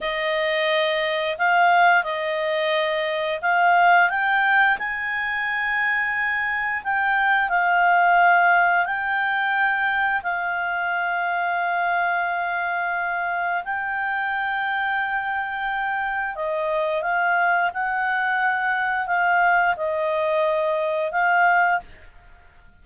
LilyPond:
\new Staff \with { instrumentName = "clarinet" } { \time 4/4 \tempo 4 = 88 dis''2 f''4 dis''4~ | dis''4 f''4 g''4 gis''4~ | gis''2 g''4 f''4~ | f''4 g''2 f''4~ |
f''1 | g''1 | dis''4 f''4 fis''2 | f''4 dis''2 f''4 | }